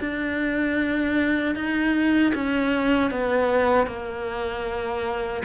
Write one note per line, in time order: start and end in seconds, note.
0.00 1.55 D4
1.55 2.33 D#4
2.35 3.11 C#4
3.11 3.87 B3
3.87 5.43 A#3